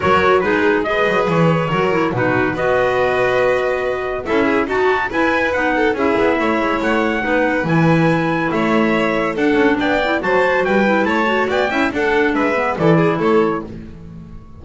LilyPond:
<<
  \new Staff \with { instrumentName = "trumpet" } { \time 4/4 \tempo 4 = 141 cis''4 b'4 dis''4 cis''4~ | cis''4 b'4 dis''2~ | dis''2 e''4 a''4 | gis''4 fis''4 e''2 |
fis''2 gis''2 | e''2 fis''4 g''4 | a''4 g''4 a''4 g''4 | fis''4 e''4 d''4 cis''4 | }
  \new Staff \with { instrumentName = "violin" } { \time 4/4 ais'4 gis'4 b'2 | ais'4 fis'4 b'2~ | b'2 a'8 gis'8 fis'4 | b'4. a'8 gis'4 cis''4~ |
cis''4 b'2. | cis''2 a'4 d''4 | c''4 b'4 cis''4 d''8 e''8 | a'4 b'4 a'8 gis'8 a'4 | }
  \new Staff \with { instrumentName = "clarinet" } { \time 4/4 fis'4 dis'4 gis'2 | fis'8 e'8 dis'4 fis'2~ | fis'2 e'4 fis'4 | e'4 dis'4 e'2~ |
e'4 dis'4 e'2~ | e'2 d'4. e'8 | fis'4. e'4 fis'4 e'8 | d'4. b8 e'2 | }
  \new Staff \with { instrumentName = "double bass" } { \time 4/4 fis4 gis4. fis8 e4 | fis4 b,4 b2~ | b2 cis'4 dis'4 | e'4 b4 cis'8 b8 a8 gis8 |
a4 b4 e2 | a2 d'8 cis'8 b4 | fis4 g4 a4 b8 cis'8 | d'4 gis4 e4 a4 | }
>>